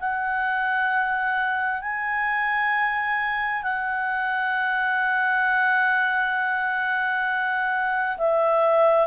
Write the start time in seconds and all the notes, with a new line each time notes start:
0.00 F#5
1.82 G#5
3.63 F#5
8.18 E5